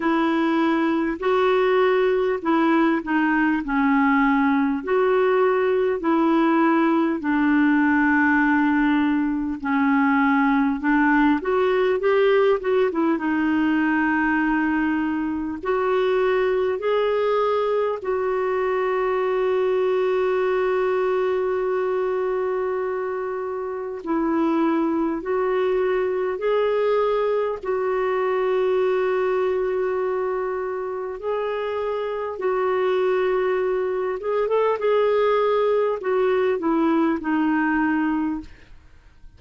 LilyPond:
\new Staff \with { instrumentName = "clarinet" } { \time 4/4 \tempo 4 = 50 e'4 fis'4 e'8 dis'8 cis'4 | fis'4 e'4 d'2 | cis'4 d'8 fis'8 g'8 fis'16 e'16 dis'4~ | dis'4 fis'4 gis'4 fis'4~ |
fis'1 | e'4 fis'4 gis'4 fis'4~ | fis'2 gis'4 fis'4~ | fis'8 gis'16 a'16 gis'4 fis'8 e'8 dis'4 | }